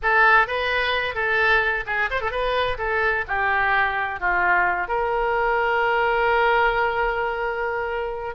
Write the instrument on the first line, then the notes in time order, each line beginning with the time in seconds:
oboe
0.02 A4
0.47 B4
1.14 A4
1.86 G#4
2.10 C5
2.21 A4
2.31 B4
2.78 A4
3.27 G4
4.19 F4
4.88 A#4